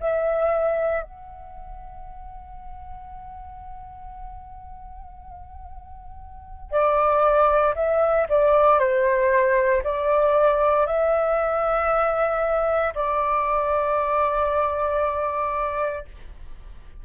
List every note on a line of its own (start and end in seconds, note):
0.00 1.03 E5
1.03 6.71 F#5
6.71 7.75 D5
7.75 8.27 E5
8.29 8.79 D5
8.79 9.83 C5
9.84 10.87 D5
10.87 12.94 E5
12.95 16.05 D5